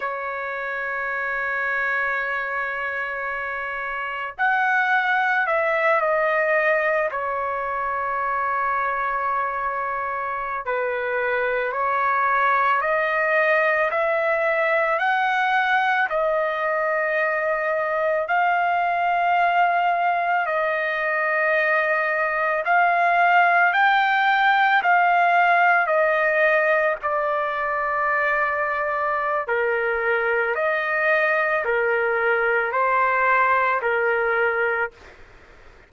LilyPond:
\new Staff \with { instrumentName = "trumpet" } { \time 4/4 \tempo 4 = 55 cis''1 | fis''4 e''8 dis''4 cis''4.~ | cis''4.~ cis''16 b'4 cis''4 dis''16~ | dis''8. e''4 fis''4 dis''4~ dis''16~ |
dis''8. f''2 dis''4~ dis''16~ | dis''8. f''4 g''4 f''4 dis''16~ | dis''8. d''2~ d''16 ais'4 | dis''4 ais'4 c''4 ais'4 | }